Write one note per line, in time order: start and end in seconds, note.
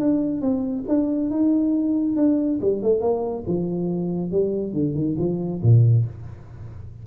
0.00 0.42 D4
0.42 0.85 C4
0.89 1.31 D4
1.31 2.17 D#4
2.17 2.60 D4
2.62 2.83 G3
2.83 3.01 A3
3.01 3.45 A#3
3.47 4.32 F3
4.32 4.73 G3
4.73 4.95 D3
4.95 5.17 D#3
5.19 5.62 F3
5.63 6.06 A#2